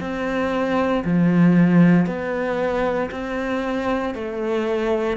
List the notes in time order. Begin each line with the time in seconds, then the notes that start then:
0.00 C4
1.04 F3
2.06 B3
3.11 C4
4.14 A3